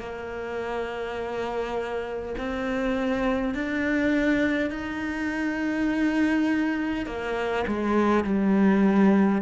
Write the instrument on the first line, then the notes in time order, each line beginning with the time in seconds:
cello
0.00 A#3
2.38 C4
3.55 D4
4.71 D#4
7.06 A#3
7.67 G#3
8.24 G3